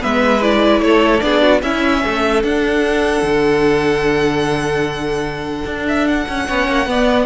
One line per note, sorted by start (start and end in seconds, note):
0.00 0.81 G#3
0.00 0.40 B3
0.00 0.81 B4
0.00 0.42 E5
0.42 1.21 E4
0.42 0.82 D5
0.81 1.21 A3
0.81 1.24 A4
0.81 1.20 C#5
1.20 1.63 B3
1.20 1.61 D4
1.20 1.42 G#4
1.20 1.61 D5
1.42 1.62 F#4
1.62 2.03 C#4
1.62 2.44 C#4
1.62 2.04 E4
1.62 2.43 E5
2.04 2.44 A3
2.04 6.47 A4
2.44 3.22 D4
2.44 6.46 D4
2.44 5.86 F#5
3.22 5.64 D3
5.65 6.26 D4
5.88 6.07 E5
6.07 7.26 F#5
6.28 6.49 C#4
6.46 6.68 B3
6.46 6.87 C#4
6.46 6.88 C#5
6.68 6.86 A#3
6.86 7.26 B3
6.86 7.26 D5